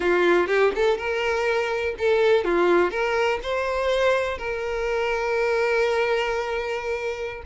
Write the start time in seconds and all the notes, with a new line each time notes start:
0.00 F4
0.47 G4
0.75 A4
0.97 A#4
1.98 A4
2.44 F4
2.90 A#4
3.43 C5
4.37 A#4